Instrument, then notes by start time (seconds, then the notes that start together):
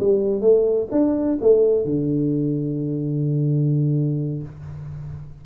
tuba
0.00 G3
0.41 A3
0.92 D4
1.41 A3
1.85 D3